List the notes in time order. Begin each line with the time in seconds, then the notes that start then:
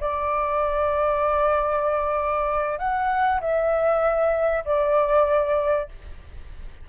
0.00 D5
2.78 F#5
3.40 E5
4.65 D5